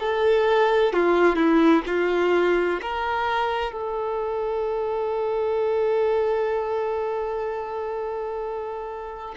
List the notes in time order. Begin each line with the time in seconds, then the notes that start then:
0.00 A4
0.93 F4
1.36 E4
1.86 F4
2.82 A#4
3.72 A4